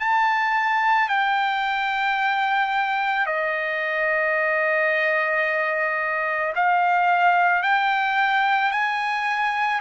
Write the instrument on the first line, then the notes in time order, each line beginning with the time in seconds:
trumpet
0.00 A5
1.09 G5
3.26 D#5
6.56 F5
7.63 G5
8.72 G#5